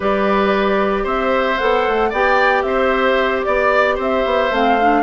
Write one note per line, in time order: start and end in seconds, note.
0.00 1.05 G3
0.00 1.57 G4
0.00 1.03 B4
0.00 1.07 D5
1.03 1.58 C4
1.03 2.09 C5
1.03 1.58 E5
1.58 1.87 B3
1.58 2.11 A4
1.58 2.11 F#5
1.87 2.12 A3
2.09 2.63 B3
2.09 4.52 G4
2.09 2.62 D5
2.09 2.62 G5
2.62 3.43 C4
2.62 3.45 C5
2.62 3.41 E5
3.44 3.97 B3
3.44 3.97 D5
3.44 3.95 D5
3.95 4.24 C4
3.95 5.01 C5
4.01 4.54 E5
4.25 4.51 B3
4.51 5.03 A3
4.51 4.79 C4
4.51 5.03 F5
4.81 5.03 D4